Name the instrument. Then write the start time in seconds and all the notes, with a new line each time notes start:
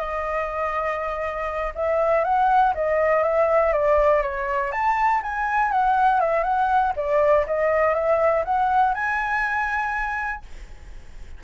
flute
0.00 D#5
1.75 E5
2.24 F#5
2.75 D#5
3.23 E5
3.73 D5
4.23 C#5
4.72 A5
5.23 G#5
5.71 F#5
6.21 E5
6.44 F#5
6.96 D5
7.47 D#5
7.95 E5
8.45 F#5
8.95 G#5